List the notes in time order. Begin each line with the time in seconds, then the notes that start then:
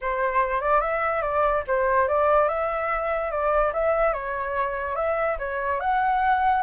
0.01 C5
0.60 D5
0.81 E5
1.22 D5
1.67 C5
2.08 D5
2.48 E5
3.31 D5
3.73 E5
4.13 C#5
4.95 E5
5.38 C#5
5.80 F#5